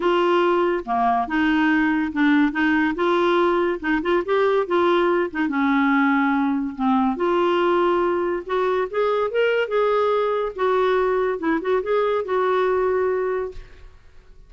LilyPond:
\new Staff \with { instrumentName = "clarinet" } { \time 4/4 \tempo 4 = 142 f'2 ais4 dis'4~ | dis'4 d'4 dis'4 f'4~ | f'4 dis'8 f'8 g'4 f'4~ | f'8 dis'8 cis'2. |
c'4 f'2. | fis'4 gis'4 ais'4 gis'4~ | gis'4 fis'2 e'8 fis'8 | gis'4 fis'2. | }